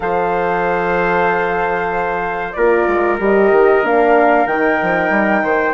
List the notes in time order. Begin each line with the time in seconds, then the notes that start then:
0.00 F3 A4 C5 F5
2.52 A#3 F4 A#4 D5
2.87 G#3
3.19 G3 G4 D#5
3.51 D#3
3.83 A#3 D4 F5
4.46 D#3 D#4 G5
4.82 F3
5.10 G3
5.42 D#3 C5